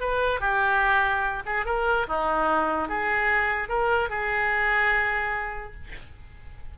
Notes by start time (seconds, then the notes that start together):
0.00 B4
0.40 G4
1.46 G#4
1.65 A#4
2.07 D#4
2.88 G#4
3.68 A#4
4.09 G#4